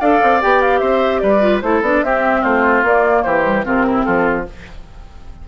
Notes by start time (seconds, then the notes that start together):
0.00 D4 A4 D5 F5
0.23 C4
0.41 B3 G4 G5
0.61 F5
0.79 C4 C5 E5
1.19 G3 B4 D5
1.40 F4
1.61 A3 E4 A4 C5
1.81 B3 D4 D5
2.03 C4 G4 E5
2.41 A3 F4 C5
2.83 A#3 D5
3.23 E3 G4 C5
3.43 G3
3.64 C3 C4 F4 A#4
3.86 E4
4.04 F3 F4 A4